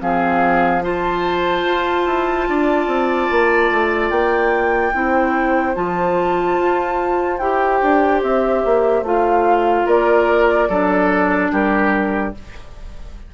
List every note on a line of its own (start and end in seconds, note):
0.00 1.66 F3
0.00 0.82 C4
0.00 0.84 G#4
0.00 0.84 F5
0.82 4.93 F4
0.82 2.48 C5
0.82 4.11 A5
1.66 2.07 F4
2.07 2.48 E4
2.49 2.88 D4
2.49 4.94 D5
2.88 3.29 C4
3.31 3.71 A#3
3.71 4.11 A3
4.11 4.93 A#3
4.11 5.75 G5
4.94 5.76 C4
4.94 5.75 E4
4.94 9.86 C5
5.75 6.59 F3
5.75 7.39 F4
5.75 7.39 A5
6.59 7.40 F4
7.39 7.82 E4
7.39 9.06 G4
7.39 8.21 G5
7.83 8.23 D4
8.23 8.64 C4
8.23 9.05 E5
8.66 9.03 A#3
9.03 9.85 A3
9.03 10.70 F4
9.03 9.89 F5
9.86 10.70 A#3
9.86 10.69 A#4
9.86 11.53 D5
10.70 11.52 F#3
10.70 12.35 D4
10.70 11.52 A4
11.52 12.34 G3
11.52 12.35 G4
11.52 12.35 A#4